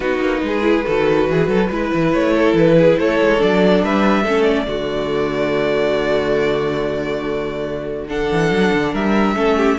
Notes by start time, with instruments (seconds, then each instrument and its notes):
0.00 cello B3, viola D#4, violin F#4 B4
0.20 cello A#3
0.42 cello G#3, violin G#4
0.62 viola E4
0.85 cello D#3, viola F#4, violin A4
1.29 cello E3, violin G#4
1.47 cello F#3, violin A4
1.69 cello G#3, viola E4, violin B4
1.93 cello E3
2.12 cello A3, violin C#5
2.33 violin A4
2.53 cello E3, violin B4
2.78 violin G#4
2.99 cello A3, violin A4 C#5
3.20 cello G#3
3.38 cello F#3, viola D4, violin D5
3.83 cello G3, violin B4 E5
4.23 cello A3, viola C#4, violin A4
4.43 violin D5
4.66 cello D3, viola A3, violin F#4
8.08 viola D4, violin A4 F#5
8.31 cello E3
8.50 cello F#3
8.73 cello D3
8.92 cello G3, violin A#4 E5
9.35 cello A3, viola C#4, violin A4
9.56 violin G4